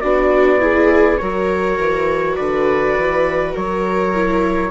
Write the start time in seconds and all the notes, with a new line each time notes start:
0.00 B3 D4 F#4 D5
0.60 E4 G#4
1.18 F#3 F#4 A#4 C#5
1.79 E3
2.36 D3 B4 D5
2.97 E3
3.54 F#3 A#4 C#5
4.15 E4